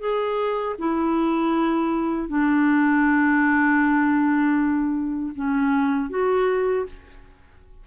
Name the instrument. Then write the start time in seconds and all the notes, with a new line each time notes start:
clarinet
0.00 G#4
0.79 E4
2.29 D4
5.35 C#4
6.10 F#4